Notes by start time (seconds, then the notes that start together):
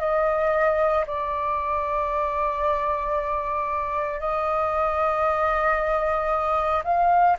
0.00 D#5
1.07 D5
4.20 D#5
6.85 F5